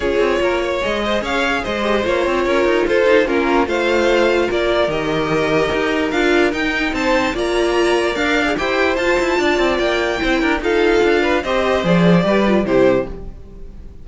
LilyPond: <<
  \new Staff \with { instrumentName = "violin" } { \time 4/4 \tempo 4 = 147 cis''2 dis''4 f''4 | dis''4 cis''2 c''4 | ais'4 f''2 d''4 | dis''2. f''4 |
g''4 a''4 ais''2 | f''4 g''4 a''2 | g''2 f''2 | dis''4 d''2 c''4 | }
  \new Staff \with { instrumentName = "violin" } { \time 4/4 gis'4 ais'8 cis''4 c''8 cis''4 | c''2 ais'4 a'4 | f'4 c''2 ais'4~ | ais'1~ |
ais'4 c''4 d''2~ | d''4 c''2 d''4~ | d''4 c''8 ais'8 a'4. b'8 | c''2 b'4 g'4 | }
  \new Staff \with { instrumentName = "viola" } { \time 4/4 f'2 gis'2~ | gis'8 g'8 f'2~ f'8 dis'8 | cis'4 f'2. | g'2. f'4 |
dis'2 f'2 | ais'8. gis'16 g'4 f'2~ | f'4 e'4 f'2 | g'4 gis'4 g'8 f'8 e'4 | }
  \new Staff \with { instrumentName = "cello" } { \time 4/4 cis'8 c'8 ais4 gis4 cis'4 | gis4 ais8 c'8 cis'8 dis'8 f'4 | ais4 a2 ais4 | dis2 dis'4 d'4 |
dis'4 c'4 ais2 | d'4 e'4 f'8 e'8 d'8 c'8 | ais4 c'8 d'8 dis'4 d'4 | c'4 f4 g4 c4 | }
>>